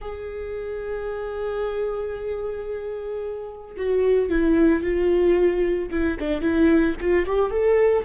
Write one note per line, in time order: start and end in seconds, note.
0.01 3.76 G#4
3.76 4.29 F#4
4.29 4.82 E4
4.82 5.89 F4
5.91 6.17 E4
6.19 6.41 D4
6.41 6.94 E4
7.00 7.26 F4
7.26 7.50 G4
7.50 8.04 A4